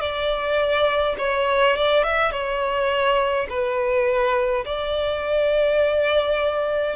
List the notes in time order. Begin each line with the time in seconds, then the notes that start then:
0.00 D5
1.19 C#5
1.76 D5
2.03 E5
2.32 C#5
3.49 B4
4.65 D5